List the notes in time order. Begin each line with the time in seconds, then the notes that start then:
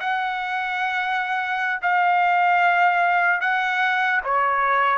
0.00 F#5
1.82 F5
3.41 F#5
4.24 C#5